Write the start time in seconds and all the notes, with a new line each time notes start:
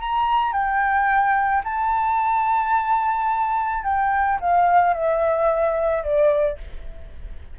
0.00 A#5
0.53 G5
1.64 A5
3.84 G5
4.40 F5
4.93 E5
6.03 D5